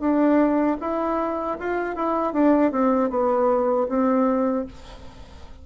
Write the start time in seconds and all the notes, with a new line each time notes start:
0.00 D4
0.80 E4
1.60 F4
1.96 E4
2.33 D4
2.72 C4
3.10 B3
3.89 C4